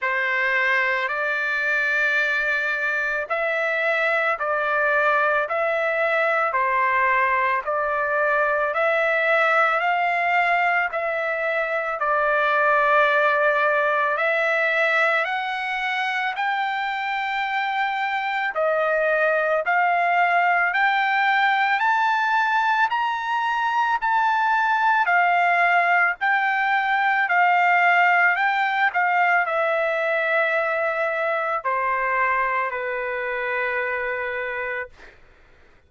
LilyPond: \new Staff \with { instrumentName = "trumpet" } { \time 4/4 \tempo 4 = 55 c''4 d''2 e''4 | d''4 e''4 c''4 d''4 | e''4 f''4 e''4 d''4~ | d''4 e''4 fis''4 g''4~ |
g''4 dis''4 f''4 g''4 | a''4 ais''4 a''4 f''4 | g''4 f''4 g''8 f''8 e''4~ | e''4 c''4 b'2 | }